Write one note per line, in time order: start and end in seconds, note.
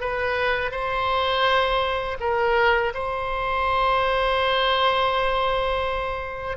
0.00 0.71 B4
0.71 2.17 C5
2.20 2.93 A#4
2.94 6.57 C5